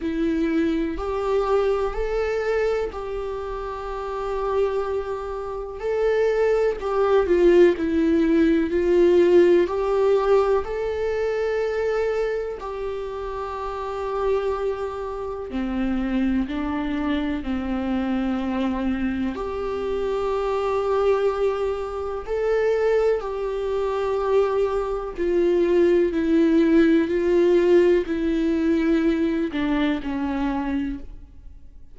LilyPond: \new Staff \with { instrumentName = "viola" } { \time 4/4 \tempo 4 = 62 e'4 g'4 a'4 g'4~ | g'2 a'4 g'8 f'8 | e'4 f'4 g'4 a'4~ | a'4 g'2. |
c'4 d'4 c'2 | g'2. a'4 | g'2 f'4 e'4 | f'4 e'4. d'8 cis'4 | }